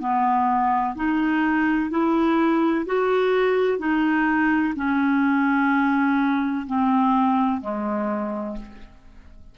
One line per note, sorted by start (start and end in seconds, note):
0.00 0.95 B3
0.95 1.90 D#4
1.90 2.86 E4
2.86 3.79 F#4
3.79 4.74 D#4
4.76 6.67 C#4
6.67 7.61 C4
7.61 8.57 G#3